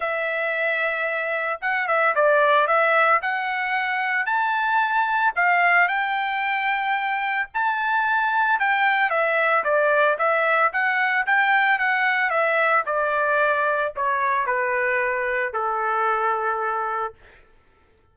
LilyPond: \new Staff \with { instrumentName = "trumpet" } { \time 4/4 \tempo 4 = 112 e''2. fis''8 e''8 | d''4 e''4 fis''2 | a''2 f''4 g''4~ | g''2 a''2 |
g''4 e''4 d''4 e''4 | fis''4 g''4 fis''4 e''4 | d''2 cis''4 b'4~ | b'4 a'2. | }